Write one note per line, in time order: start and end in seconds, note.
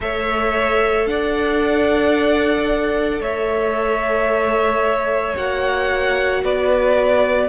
0.00 1.06 A3
0.00 5.35 A4
0.00 1.08 C#5
0.00 1.07 E5
1.06 3.20 D4
1.06 3.21 D5
1.06 3.21 F#5
3.20 5.34 A3
3.20 6.42 C#5
3.20 5.36 E5
5.35 6.44 A#3
5.35 7.49 F#4
5.35 6.43 F#5
6.44 7.49 B3
6.44 7.49 B4
6.44 7.49 D5